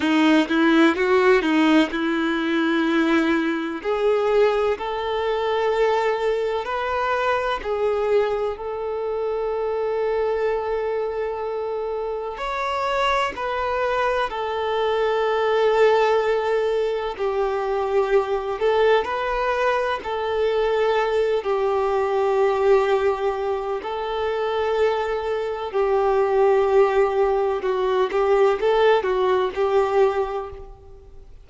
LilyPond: \new Staff \with { instrumentName = "violin" } { \time 4/4 \tempo 4 = 63 dis'8 e'8 fis'8 dis'8 e'2 | gis'4 a'2 b'4 | gis'4 a'2.~ | a'4 cis''4 b'4 a'4~ |
a'2 g'4. a'8 | b'4 a'4. g'4.~ | g'4 a'2 g'4~ | g'4 fis'8 g'8 a'8 fis'8 g'4 | }